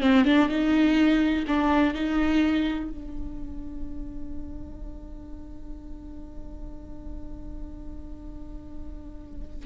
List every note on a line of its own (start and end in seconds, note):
0.00 0.24 C4
0.24 0.48 D4
0.48 1.45 D#4
1.47 1.94 D4
1.94 2.90 D#4
2.90 9.66 D4